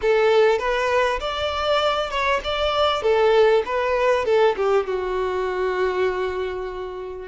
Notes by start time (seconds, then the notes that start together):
0.01 A4
0.58 B4
1.20 D5
2.10 C#5
2.44 D5
3.02 A4
3.65 B4
4.25 A4
4.56 G4
4.86 F#4